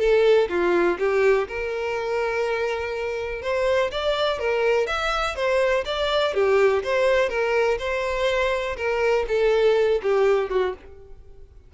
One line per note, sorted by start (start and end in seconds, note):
0.00 0.49 A4
0.49 0.98 F4
0.99 1.48 G4
1.48 3.42 A#4
3.42 3.91 C5
3.92 4.39 D5
4.39 4.87 A#4
4.87 5.36 E5
5.36 5.85 C5
5.85 6.34 D5
6.34 6.83 G4
6.84 7.29 C5
7.29 7.78 A#4
7.79 8.76 C5
8.77 9.26 A#4
9.28 10.02 A4
10.03 10.50 G4
10.50 10.74 F#4